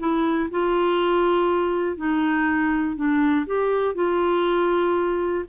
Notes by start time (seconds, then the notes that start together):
0.00 E4
0.51 F4
1.97 D#4
2.97 D4
3.47 G4
3.95 F4